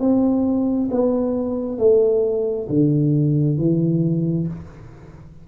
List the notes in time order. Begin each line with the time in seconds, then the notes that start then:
0.00 C4
0.91 B3
1.79 A3
2.69 D3
3.58 E3